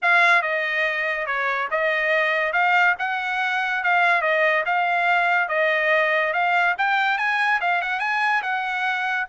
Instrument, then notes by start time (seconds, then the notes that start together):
trumpet
0.02 F5
0.41 D#5
1.26 C#5
1.70 D#5
2.52 F5
2.98 F#5
3.83 F5
4.21 D#5
4.65 F5
5.48 D#5
6.33 F5
6.77 G5
7.17 G#5
7.60 F5
7.81 F#5
7.99 G#5
8.42 F#5